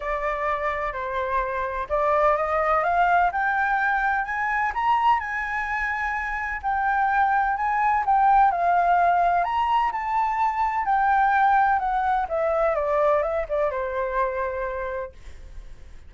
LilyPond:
\new Staff \with { instrumentName = "flute" } { \time 4/4 \tempo 4 = 127 d''2 c''2 | d''4 dis''4 f''4 g''4~ | g''4 gis''4 ais''4 gis''4~ | gis''2 g''2 |
gis''4 g''4 f''2 | ais''4 a''2 g''4~ | g''4 fis''4 e''4 d''4 | e''8 d''8 c''2. | }